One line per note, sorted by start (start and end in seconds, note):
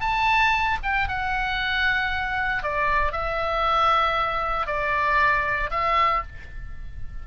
0.00 0.78 A5
0.83 1.08 G5
1.08 2.63 F#5
2.63 3.12 D5
3.12 4.67 E5
4.67 5.70 D5
5.71 6.22 E5